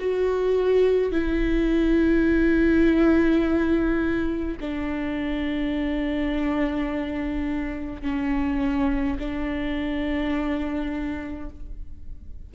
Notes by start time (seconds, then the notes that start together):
0.00 F#4
1.12 E4
4.61 D4
8.02 C#4
9.19 D4